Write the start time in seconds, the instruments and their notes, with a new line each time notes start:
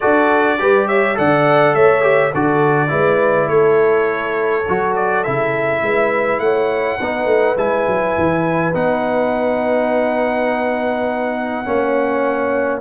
0.00 tuba D4, trombone F#4, horn A4, trumpet D5
0.58 tuba G3, trombone G4, horn B4
0.87 horn C#5, trumpet E5
1.14 tuba D3, trombone A4, horn D5, trumpet F#5
1.75 tuba A3, horn C#5, trumpet E5
2.01 trombone G4
2.31 tuba D3, trombone F#4, horn A4, trumpet D5
2.88 tuba G#3, trombone E4, horn B4
3.48 tuba A3, horn A4, trumpet C#5
4.68 tuba F#3, trombone F#4
4.95 trumpet D5
5.23 tuba C#3, trombone E4, trumpet E5
5.82 tuba G#3, horn B4
6.39 tuba A3, horn C#5, trumpet F#5
6.98 tuba B3, trombone D#4, horn B4
7.25 tuba A3
7.56 tuba G#3, trombone E4, trumpet G#5
7.87 tuba F#3
8.17 tuba E3
8.73 tuba B3, trombone D#4, trumpet F#5
11.65 tuba A#3, trombone C#4, horn C#5